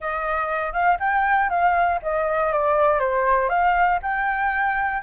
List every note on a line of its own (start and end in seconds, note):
0.00 0.72 D#5
0.72 0.97 F5
0.99 1.49 G5
1.49 1.99 F5
2.02 2.52 D#5
2.52 2.99 D5
2.99 3.49 C5
3.49 3.99 F5
4.02 5.02 G5